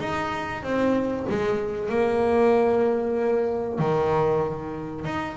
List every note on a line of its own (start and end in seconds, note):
0.00 0.63 D#4
0.63 1.26 C4
1.29 1.90 G#3
1.90 3.79 A#3
3.79 5.05 D#3
5.05 5.37 D#4